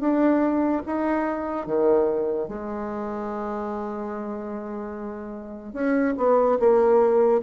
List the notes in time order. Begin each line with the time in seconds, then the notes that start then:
0.00 D4
0.86 D#4
1.66 D#3
2.48 G#3
5.73 C#4
6.17 B3
6.59 A#3